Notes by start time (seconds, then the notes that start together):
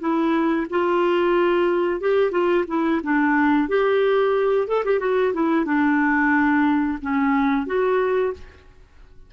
0.00 E4
0.70 F4
2.00 G4
2.31 F4
2.68 E4
3.03 D4
3.68 G4
4.67 A4
4.85 G4
5.00 F#4
5.34 E4
5.65 D4
7.02 C#4
7.66 F#4